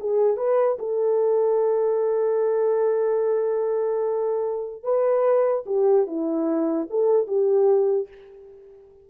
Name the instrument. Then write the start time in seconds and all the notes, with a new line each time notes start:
horn
0.00 G#4
0.37 B4
0.79 A4
4.83 B4
5.66 G4
6.07 E4
6.90 A4
7.27 G4